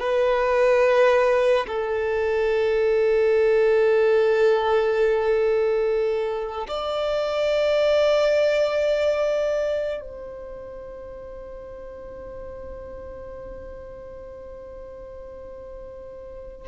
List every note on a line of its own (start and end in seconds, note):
0.00 1.67 B4
1.68 6.68 A4
6.69 10.02 D5
10.02 16.68 C5